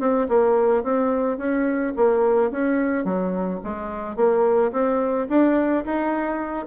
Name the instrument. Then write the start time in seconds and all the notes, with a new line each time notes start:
bassoon
0.00 C4
0.29 A#3
0.84 C4
1.38 C#4
1.97 A#3
2.51 C#4
3.05 F#3
3.64 G#3
4.17 A#3
4.72 C4
5.29 D4
5.85 D#4